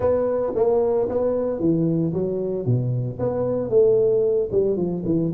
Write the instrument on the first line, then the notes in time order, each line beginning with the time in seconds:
tuba
0.00 B3
0.55 A#3
1.08 B3
1.59 E3
2.13 F#3
2.65 B2
3.19 B3
3.69 A3
4.51 G3
4.76 F3
5.05 E3